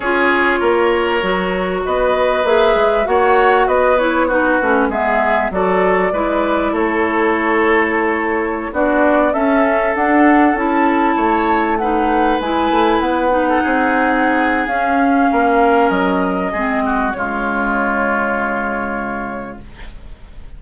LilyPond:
<<
  \new Staff \with { instrumentName = "flute" } { \time 4/4 \tempo 4 = 98 cis''2. dis''4 | e''4 fis''4 dis''8 cis''8 b'4 | e''4 d''2 cis''4~ | cis''2~ cis''16 d''4 e''8.~ |
e''16 fis''4 a''2 fis''8.~ | fis''16 gis''4 fis''2~ fis''8. | f''2 dis''2 | cis''1 | }
  \new Staff \with { instrumentName = "oboe" } { \time 4/4 gis'4 ais'2 b'4~ | b'4 cis''4 b'4 fis'4 | gis'4 a'4 b'4 a'4~ | a'2~ a'16 fis'4 a'8.~ |
a'2~ a'16 cis''4 b'8.~ | b'2 a'16 gis'4.~ gis'16~ | gis'4 ais'2 gis'8 fis'8 | f'1 | }
  \new Staff \with { instrumentName = "clarinet" } { \time 4/4 f'2 fis'2 | gis'4 fis'4. e'8 dis'8 cis'8 | b4 fis'4 e'2~ | e'2~ e'16 d'4 cis'8.~ |
cis'16 d'4 e'2 dis'8.~ | dis'16 e'4. dis'2~ dis'16 | cis'2. c'4 | gis1 | }
  \new Staff \with { instrumentName = "bassoon" } { \time 4/4 cis'4 ais4 fis4 b4 | ais8 gis8 ais4 b4. a8 | gis4 fis4 gis4 a4~ | a2~ a16 b4 cis'8.~ |
cis'16 d'4 cis'4 a4.~ a16~ | a16 gis8 a8 b4 c'4.~ c'16 | cis'4 ais4 fis4 gis4 | cis1 | }
>>